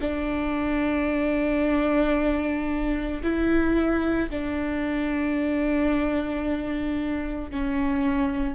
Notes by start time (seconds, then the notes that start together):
0.00 D4
3.22 E4
4.30 D4
7.50 C#4